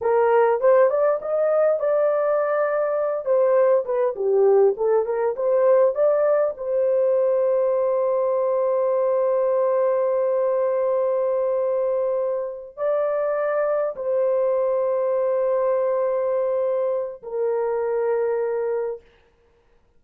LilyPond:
\new Staff \with { instrumentName = "horn" } { \time 4/4 \tempo 4 = 101 ais'4 c''8 d''8 dis''4 d''4~ | d''4. c''4 b'8 g'4 | a'8 ais'8 c''4 d''4 c''4~ | c''1~ |
c''1~ | c''4. d''2 c''8~ | c''1~ | c''4 ais'2. | }